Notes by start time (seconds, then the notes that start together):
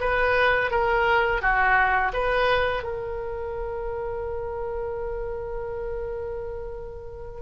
0.00 B4
0.71 A#4
1.41 F#4
2.13 B4
2.83 A#4